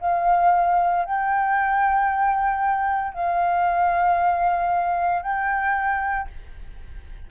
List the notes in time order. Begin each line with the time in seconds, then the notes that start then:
0.00 F5
1.05 G5
3.13 F5
5.22 G5